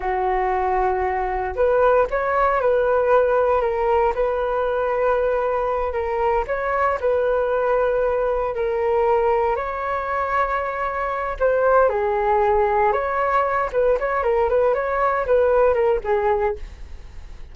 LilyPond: \new Staff \with { instrumentName = "flute" } { \time 4/4 \tempo 4 = 116 fis'2. b'4 | cis''4 b'2 ais'4 | b'2.~ b'8 ais'8~ | ais'8 cis''4 b'2~ b'8~ |
b'8 ais'2 cis''4.~ | cis''2 c''4 gis'4~ | gis'4 cis''4. b'8 cis''8 ais'8 | b'8 cis''4 b'4 ais'8 gis'4 | }